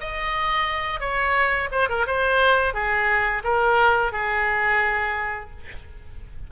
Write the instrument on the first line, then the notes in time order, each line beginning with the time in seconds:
oboe
0.00 D#5
1.00 C#5
1.71 C5
1.89 A#4
2.07 C5
2.74 G#4
3.44 A#4
4.12 G#4